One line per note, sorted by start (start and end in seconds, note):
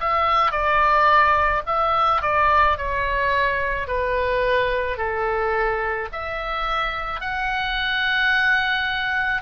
0.00 0.51 E5
0.51 1.62 D5
1.66 2.22 E5
2.22 2.77 D5
2.77 3.87 C#5
3.87 4.97 B4
4.97 6.09 A4
6.12 7.21 E5
7.21 9.42 F#5